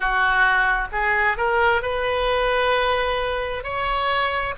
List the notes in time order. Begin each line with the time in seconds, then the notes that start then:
0.00 F#4
0.91 G#4
1.37 A#4
1.82 B4
3.63 C#5